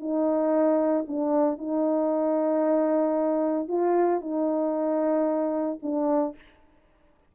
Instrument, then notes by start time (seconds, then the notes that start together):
horn
0.00 D#4
1.08 D4
1.58 D#4
3.68 F4
4.21 D#4
5.82 D4